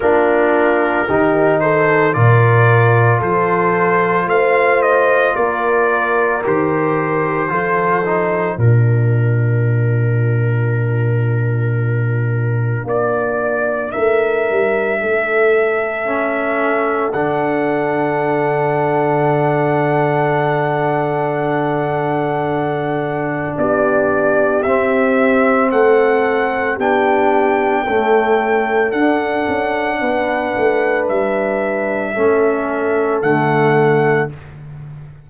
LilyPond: <<
  \new Staff \with { instrumentName = "trumpet" } { \time 4/4 \tempo 4 = 56 ais'4. c''8 d''4 c''4 | f''8 dis''8 d''4 c''2 | ais'1 | d''4 e''2. |
fis''1~ | fis''2 d''4 e''4 | fis''4 g''2 fis''4~ | fis''4 e''2 fis''4 | }
  \new Staff \with { instrumentName = "horn" } { \time 4/4 f'4 g'8 a'8 ais'4 a'4 | c''4 ais'2 a'4 | f'1~ | f'4 ais'4 a'2~ |
a'1~ | a'2 g'2 | a'4 g'4 a'2 | b'2 a'2 | }
  \new Staff \with { instrumentName = "trombone" } { \time 4/4 d'4 dis'4 f'2~ | f'2 g'4 f'8 dis'8 | d'1~ | d'2. cis'4 |
d'1~ | d'2. c'4~ | c'4 d'4 a4 d'4~ | d'2 cis'4 a4 | }
  \new Staff \with { instrumentName = "tuba" } { \time 4/4 ais4 dis4 ais,4 f4 | a4 ais4 dis4 f4 | ais,1 | ais4 a8 g8 a2 |
d1~ | d2 b4 c'4 | a4 b4 cis'4 d'8 cis'8 | b8 a8 g4 a4 d4 | }
>>